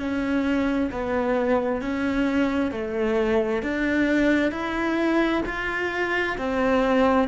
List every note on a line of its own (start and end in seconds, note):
0.00 0.91 C#4
0.92 1.82 B3
1.82 2.72 C#4
2.72 3.63 A3
3.63 4.52 D4
4.52 5.43 E4
5.46 6.37 F4
6.38 7.29 C4